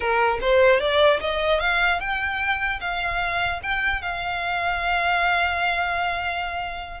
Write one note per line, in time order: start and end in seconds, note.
0.00 0.38 A#4
0.41 0.80 C5
0.80 1.20 D5
1.20 1.60 D#5
1.60 1.99 F5
1.99 2.79 G5
2.80 3.60 F5
3.62 4.01 G5
4.01 7.00 F5